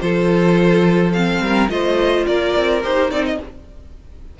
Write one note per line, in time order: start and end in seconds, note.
0.00 1.40 F3
0.00 1.12 F4
0.00 1.43 A4
0.00 1.12 C5
1.12 1.68 C4
1.12 1.68 F5
1.40 1.68 G3
1.40 1.71 A#4
1.68 2.26 A3
1.68 2.80 F4
1.68 2.26 C5
1.68 2.25 D#5
2.26 2.55 A#3
2.26 3.38 A#4
2.26 2.82 D5
2.56 2.84 C4
2.83 3.11 D#4
2.83 3.10 G4
2.83 3.11 C5
3.10 3.39 C4
3.10 3.38 D#4
3.10 3.25 D5
3.25 3.39 D#5